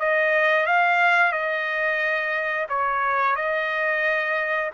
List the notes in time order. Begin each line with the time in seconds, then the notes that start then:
0.00 D#5
0.66 F5
1.33 D#5
2.69 C#5
3.36 D#5